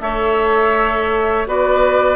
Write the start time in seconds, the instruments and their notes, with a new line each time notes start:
0.00 bassoon A3, clarinet A4, oboe C#5, flute E5
1.47 bassoon B3, clarinet F#4, oboe B4, flute D5